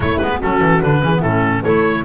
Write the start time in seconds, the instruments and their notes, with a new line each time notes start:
0.00 double bass A3, clarinet A3, horn E4, oboe C#5
0.17 double bass G#3, clarinet B3, oboe B4
0.38 double bass F#3, clarinet C#4, horn F#4, oboe A4
0.60 double bass E3
0.81 double bass D3, clarinet D4, oboe B4
1.01 double bass E3, clarinet C#4, horn G#4
1.14 clarinet B3, horn E4
1.22 double bass A2, clarinet C#4, oboe A4
1.62 double bass A3, clarinet E4, horn A4, oboe C#5